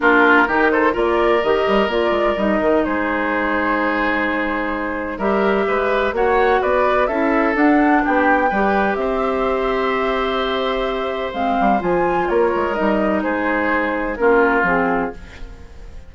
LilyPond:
<<
  \new Staff \with { instrumentName = "flute" } { \time 4/4 \tempo 4 = 127 ais'4. c''8 d''4 dis''4 | d''4 dis''4 c''2~ | c''2. e''4~ | e''4 fis''4 d''4 e''4 |
fis''4 g''2 e''4~ | e''1 | f''4 gis''4 cis''4 dis''4 | c''2 ais'4 gis'4 | }
  \new Staff \with { instrumentName = "oboe" } { \time 4/4 f'4 g'8 a'8 ais'2~ | ais'2 gis'2~ | gis'2. ais'4 | b'4 cis''4 b'4 a'4~ |
a'4 g'4 b'4 c''4~ | c''1~ | c''2 ais'2 | gis'2 f'2 | }
  \new Staff \with { instrumentName = "clarinet" } { \time 4/4 d'4 dis'4 f'4 g'4 | f'4 dis'2.~ | dis'2. g'4~ | g'4 fis'2 e'4 |
d'2 g'2~ | g'1 | c'4 f'2 dis'4~ | dis'2 cis'4 c'4 | }
  \new Staff \with { instrumentName = "bassoon" } { \time 4/4 ais4 dis4 ais4 dis8 g8 | ais8 gis8 g8 dis8 gis2~ | gis2. g4 | gis4 ais4 b4 cis'4 |
d'4 b4 g4 c'4~ | c'1 | gis8 g8 f4 ais8 gis8 g4 | gis2 ais4 f4 | }
>>